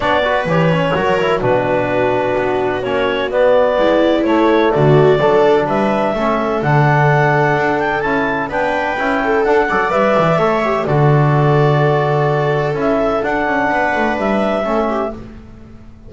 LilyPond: <<
  \new Staff \with { instrumentName = "clarinet" } { \time 4/4 \tempo 4 = 127 d''4 cis''2 b'4~ | b'2 cis''4 d''4~ | d''4 cis''4 d''2 | e''2 fis''2~ |
fis''8 g''8 a''4 g''2 | fis''4 e''2 d''4~ | d''2. e''4 | fis''2 e''2 | }
  \new Staff \with { instrumentName = "viola" } { \time 4/4 cis''8 b'4. ais'4 fis'4~ | fis'1 | e'2 fis'4 a'4 | b'4 a'2.~ |
a'2 b'4. a'8~ | a'8 d''4. cis''4 a'4~ | a'1~ | a'4 b'2 a'8 g'8 | }
  \new Staff \with { instrumentName = "trombone" } { \time 4/4 d'8 fis'8 g'8 cis'8 fis'8 e'8 d'4~ | d'2 cis'4 b4~ | b4 a2 d'4~ | d'4 cis'4 d'2~ |
d'4 e'4 d'4 e'4 | d'8 a'8 b'4 a'8 g'8 fis'4~ | fis'2. e'4 | d'2. cis'4 | }
  \new Staff \with { instrumentName = "double bass" } { \time 4/4 b4 e4 fis4 b,4~ | b,4 b4 ais4 b4 | gis4 a4 d4 fis4 | g4 a4 d2 |
d'4 cis'4 b4 cis'4 | d'8 fis8 g8 e8 a4 d4~ | d2. cis'4 | d'8 cis'8 b8 a8 g4 a4 | }
>>